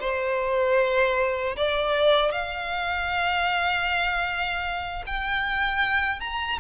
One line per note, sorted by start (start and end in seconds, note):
0.00 1.56 C5
1.57 2.32 D5
2.32 5.04 F5
5.06 6.20 G5
6.20 6.59 A#5